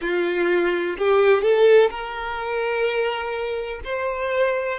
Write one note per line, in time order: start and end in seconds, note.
0.01 0.96 F4
0.98 1.42 G4
1.42 1.89 A4
1.90 3.80 A#4
3.84 4.79 C5